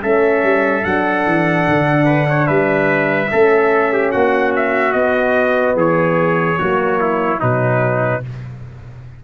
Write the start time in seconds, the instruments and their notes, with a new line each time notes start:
0.00 tuba A3, horn C#4, trumpet A4 E5
0.43 tuba G3
0.82 tuba F#3, horn D4, trumpet F#5
1.26 tuba E3
1.68 tuba D3
2.05 trumpet B4
2.29 trumpet C#5
2.47 tuba G3, trumpet B4 E5
3.31 tuba A3, horn C#4, trumpet A4
3.93 trumpet G4
4.11 tuba A#3, trumpet F#4 F#5
4.56 trumpet E5
4.93 tuba B3, horn B3, trumpet D#5
5.75 tuba E3, trumpet G#4 C#5
6.58 tuba F#3, horn A#3, trumpet F#4
7.00 trumpet E4
7.38 tuba B2, horn F#3, trumpet D#4 B4